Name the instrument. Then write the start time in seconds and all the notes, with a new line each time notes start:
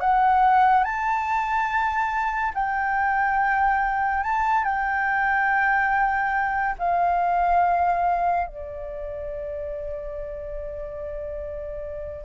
flute
0.00 F#5
0.83 A5
2.54 G5
4.23 A5
4.64 G5
6.79 F5
8.47 D5